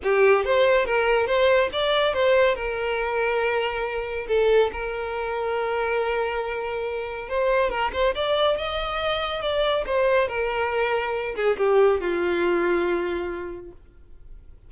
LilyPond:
\new Staff \with { instrumentName = "violin" } { \time 4/4 \tempo 4 = 140 g'4 c''4 ais'4 c''4 | d''4 c''4 ais'2~ | ais'2 a'4 ais'4~ | ais'1~ |
ais'4 c''4 ais'8 c''8 d''4 | dis''2 d''4 c''4 | ais'2~ ais'8 gis'8 g'4 | f'1 | }